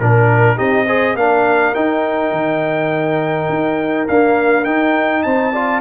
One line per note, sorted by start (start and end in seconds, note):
0.00 0.59 A#2
0.00 0.57 D4
0.00 0.58 A#4
0.00 0.57 A#4
0.57 1.15 C4
0.57 0.86 D#4
0.57 0.86 G4
0.57 1.17 D#5
0.87 1.17 G#4
0.87 1.16 C5
1.15 1.73 A#3
1.15 1.75 D4
1.15 5.25 A#4
1.15 1.75 F5
1.75 4.08 D#4
1.75 2.32 D#4
1.75 4.08 G5
2.32 3.48 D#3
3.49 4.08 D#4
4.08 4.67 A#3
4.08 4.66 D4
4.08 4.65 F5
4.65 5.25 D#4
4.65 5.54 D#4
4.65 5.23 G5
5.23 5.82 C4
5.23 5.53 C5
5.23 5.81 A5
5.53 5.82 F4
5.53 5.82 D5